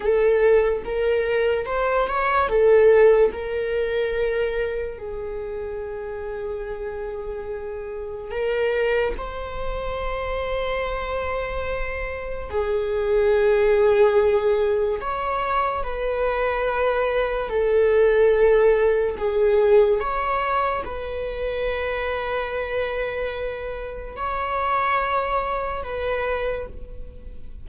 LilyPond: \new Staff \with { instrumentName = "viola" } { \time 4/4 \tempo 4 = 72 a'4 ais'4 c''8 cis''8 a'4 | ais'2 gis'2~ | gis'2 ais'4 c''4~ | c''2. gis'4~ |
gis'2 cis''4 b'4~ | b'4 a'2 gis'4 | cis''4 b'2.~ | b'4 cis''2 b'4 | }